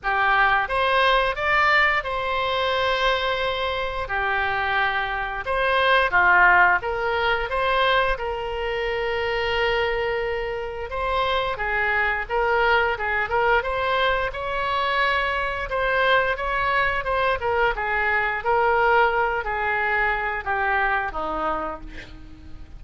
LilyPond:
\new Staff \with { instrumentName = "oboe" } { \time 4/4 \tempo 4 = 88 g'4 c''4 d''4 c''4~ | c''2 g'2 | c''4 f'4 ais'4 c''4 | ais'1 |
c''4 gis'4 ais'4 gis'8 ais'8 | c''4 cis''2 c''4 | cis''4 c''8 ais'8 gis'4 ais'4~ | ais'8 gis'4. g'4 dis'4 | }